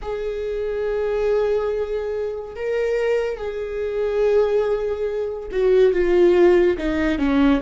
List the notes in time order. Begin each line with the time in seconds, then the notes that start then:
0.02 G#4
2.55 A#4
3.37 G#4
5.51 F#4
5.92 F4
6.77 D#4
7.18 C#4